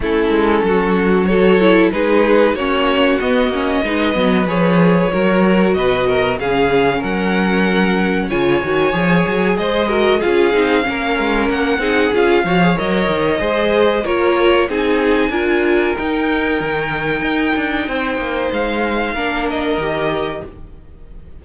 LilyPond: <<
  \new Staff \with { instrumentName = "violin" } { \time 4/4 \tempo 4 = 94 a'2 cis''4 b'4 | cis''4 dis''2 cis''4~ | cis''4 dis''4 f''4 fis''4~ | fis''4 gis''2 dis''4 |
f''2 fis''4 f''4 | dis''2 cis''4 gis''4~ | gis''4 g''2.~ | g''4 f''4. dis''4. | }
  \new Staff \with { instrumentName = "violin" } { \time 4/4 e'4 fis'4 a'4 gis'4 | fis'2 b'2 | ais'4 b'8 ais'8 gis'4 ais'4~ | ais'4 cis''2 c''8 ais'8 |
gis'4 ais'4. gis'4 cis''8~ | cis''4 c''4 ais'4 gis'4 | ais'1 | c''2 ais'2 | }
  \new Staff \with { instrumentName = "viola" } { \time 4/4 cis'2 fis'8 e'8 dis'4 | cis'4 b8 cis'8 dis'8 b8 gis'4 | fis'2 cis'2~ | cis'4 f'8 fis'8 gis'4. fis'8 |
f'8 dis'8 cis'4. dis'8 f'8 fis'16 gis'16 | ais'4 gis'4 f'4 dis'4 | f'4 dis'2.~ | dis'2 d'4 g'4 | }
  \new Staff \with { instrumentName = "cello" } { \time 4/4 a8 gis8 fis2 gis4 | ais4 b8 ais8 gis8 fis8 f4 | fis4 b,4 cis4 fis4~ | fis4 cis8 dis8 f8 fis8 gis4 |
cis'8 c'8 ais8 gis8 ais8 c'8 cis'8 f8 | fis8 dis8 gis4 ais4 c'4 | d'4 dis'4 dis4 dis'8 d'8 | c'8 ais8 gis4 ais4 dis4 | }
>>